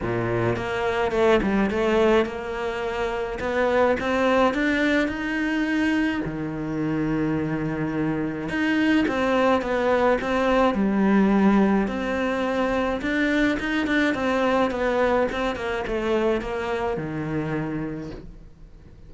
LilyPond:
\new Staff \with { instrumentName = "cello" } { \time 4/4 \tempo 4 = 106 ais,4 ais4 a8 g8 a4 | ais2 b4 c'4 | d'4 dis'2 dis4~ | dis2. dis'4 |
c'4 b4 c'4 g4~ | g4 c'2 d'4 | dis'8 d'8 c'4 b4 c'8 ais8 | a4 ais4 dis2 | }